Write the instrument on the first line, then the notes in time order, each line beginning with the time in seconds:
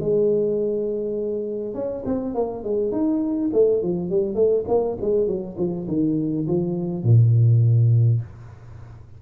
tuba
0.00 G#3
1.74 C#4
2.06 C4
2.35 A#3
2.64 G#3
2.92 D#4
3.53 A3
3.82 F3
4.10 G3
4.35 A3
4.68 A#3
5.01 G#3
5.27 F#3
5.58 F3
5.88 D#3
6.47 F3
7.03 A#2